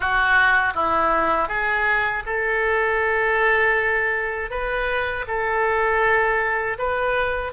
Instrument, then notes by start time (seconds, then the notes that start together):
oboe
0.00 F#4
0.74 E4
1.48 G#4
2.26 A4
4.50 B4
5.27 A4
6.78 B4